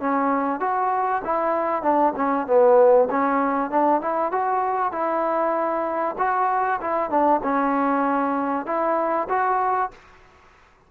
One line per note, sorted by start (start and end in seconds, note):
0.00 0.60 C#4
0.60 1.22 F#4
1.25 1.82 E4
1.82 2.13 D4
2.16 2.47 C#4
2.47 3.08 B3
3.10 3.70 C#4
3.70 4.01 D4
4.01 4.32 E4
4.32 4.92 F#4
4.92 6.15 E4
6.18 6.80 F#4
6.80 7.10 E4
7.10 7.41 D4
7.43 8.66 C#4
8.66 9.28 E4
9.29 9.91 F#4